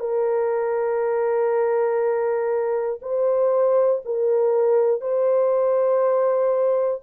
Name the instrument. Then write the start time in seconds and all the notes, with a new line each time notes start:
horn
0.00 A#4
3.01 C5
4.05 A#4
5.01 C5